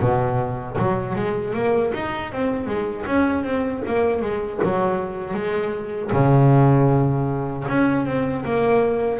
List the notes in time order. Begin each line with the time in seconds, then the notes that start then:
0.00 B2
0.78 F#3
1.15 G#3
1.54 A#3
1.94 D#4
2.32 C4
2.66 G#3
3.06 C#4
3.44 C4
3.86 A#3
4.22 G#3
4.63 F#3
5.34 G#3
6.13 C#3
7.68 C#4
8.06 C4
8.45 A#3